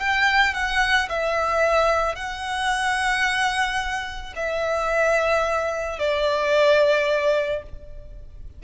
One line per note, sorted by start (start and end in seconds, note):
0.00 0.54 G5
0.54 1.09 F#5
1.10 2.16 E5
2.16 4.34 F#5
4.36 6.00 E5
6.00 7.63 D5